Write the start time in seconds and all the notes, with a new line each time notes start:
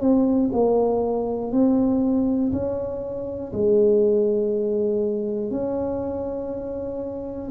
0.00 C4
0.52 A#3
1.52 C4
2.52 C#4
3.52 G#3
5.50 C#4